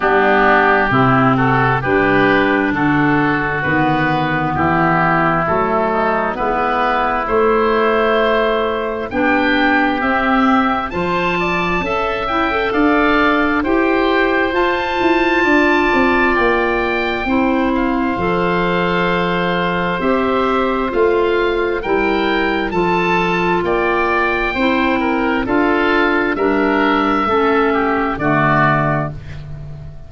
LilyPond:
<<
  \new Staff \with { instrumentName = "oboe" } { \time 4/4 \tempo 4 = 66 g'4. a'8 b'4 a'4 | b'4 g'4 a'4 b'4 | c''2 g''4 e''4 | a''4. g''8 f''4 g''4 |
a''2 g''4. f''8~ | f''2 e''4 f''4 | g''4 a''4 g''2 | f''4 e''2 d''4 | }
  \new Staff \with { instrumentName = "oboe" } { \time 4/4 d'4 e'8 fis'8 g'4 fis'4~ | fis'4 e'4. dis'8 e'4~ | e'2 g'2 | c''8 d''8 e''4 d''4 c''4~ |
c''4 d''2 c''4~ | c''1 | ais'4 a'4 d''4 c''8 ais'8 | a'4 ais'4 a'8 g'8 fis'4 | }
  \new Staff \with { instrumentName = "clarinet" } { \time 4/4 b4 c'4 d'2 | b2 a4 b4 | a2 d'4 c'4 | f'4 a'8 e'16 a'4~ a'16 g'4 |
f'2. e'4 | a'2 g'4 f'4 | e'4 f'2 e'4 | f'4 d'4 cis'4 a4 | }
  \new Staff \with { instrumentName = "tuba" } { \time 4/4 g4 c4 g4 d4 | dis4 e4 fis4 gis4 | a2 b4 c'4 | f4 cis'4 d'4 e'4 |
f'8 e'8 d'8 c'8 ais4 c'4 | f2 c'4 a4 | g4 f4 ais4 c'4 | d'4 g4 a4 d4 | }
>>